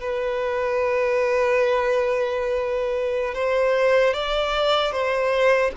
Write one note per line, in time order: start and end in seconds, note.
0.00 3.34 B4
3.34 4.13 C5
4.13 4.92 D5
4.92 5.71 C5